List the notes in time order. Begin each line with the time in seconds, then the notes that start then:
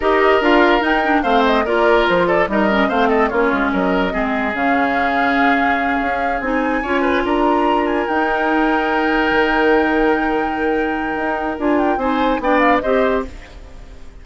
0.00 D#4 G4 A#4 D#5
0.40 D4 F4 F5
0.81 D#4 G5
1.04 D4
1.23 A3 C4 C5 F5
1.45 D#5
1.65 A#3 F4 A#4 D5
2.08 F3 C5
2.27 A4 D5
2.48 G3 D#4 A#4 D#5
2.69 C#4
2.88 A3 C4 C5 F5
3.08 A4 D#5
3.28 A#3 C#4 F4 C#5
3.52 G#3
3.72 F#3 A#4 D#5
4.10 G#3 C4 G#4
4.53 C#3 C#4 F5
6.01 C#4
6.40 C4 D#4 G#5
6.82 C#4 F4 C#5
7.01 B4
7.24 D4 A#4 A#5
7.86 G#5
8.07 D#4 G5
9.31 D#3
11.15 D#4
11.58 D4 F4 G#5
11.79 G5
11.96 C4 D#4 C5 G#5
12.39 B3 D4 D5 G5
12.59 F5
12.80 C4 G4 C5 D#5